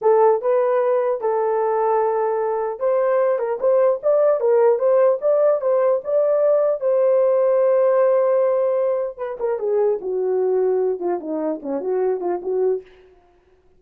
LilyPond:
\new Staff \with { instrumentName = "horn" } { \time 4/4 \tempo 4 = 150 a'4 b'2 a'4~ | a'2. c''4~ | c''8 ais'8 c''4 d''4 ais'4 | c''4 d''4 c''4 d''4~ |
d''4 c''2.~ | c''2. b'8 ais'8 | gis'4 fis'2~ fis'8 f'8 | dis'4 cis'8 fis'4 f'8 fis'4 | }